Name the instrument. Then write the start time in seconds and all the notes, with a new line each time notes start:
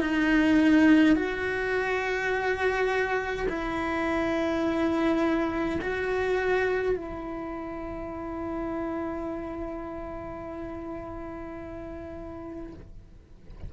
cello
0.00 D#4
1.15 F#4
3.48 E4
5.81 F#4
6.95 E4